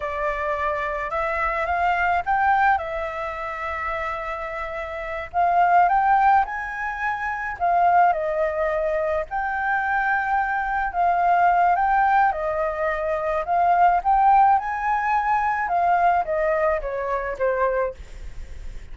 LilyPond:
\new Staff \with { instrumentName = "flute" } { \time 4/4 \tempo 4 = 107 d''2 e''4 f''4 | g''4 e''2.~ | e''4. f''4 g''4 gis''8~ | gis''4. f''4 dis''4.~ |
dis''8 g''2. f''8~ | f''4 g''4 dis''2 | f''4 g''4 gis''2 | f''4 dis''4 cis''4 c''4 | }